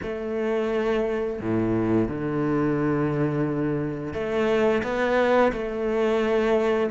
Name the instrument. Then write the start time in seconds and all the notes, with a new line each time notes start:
cello
0.02 A3
1.40 A2
2.08 D3
4.13 A3
4.83 B3
5.52 A3